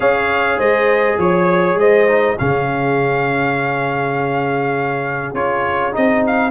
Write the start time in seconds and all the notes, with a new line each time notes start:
0.00 C#4 G#4 C#5 F5
0.57 G#3 C5 D#5
1.17 F3 C#5
1.74 G#3 C5 D#5
2.07 D#4
2.38 C#3 C#4 G#4 F5
5.33 C#4 F4 C#5
5.91 C4 D#4 D#5
6.26 F5